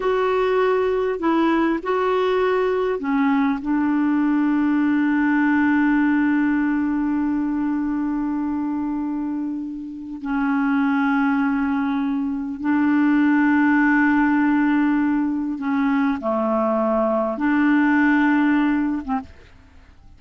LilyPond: \new Staff \with { instrumentName = "clarinet" } { \time 4/4 \tempo 4 = 100 fis'2 e'4 fis'4~ | fis'4 cis'4 d'2~ | d'1~ | d'1~ |
d'4 cis'2.~ | cis'4 d'2.~ | d'2 cis'4 a4~ | a4 d'2~ d'8. c'16 | }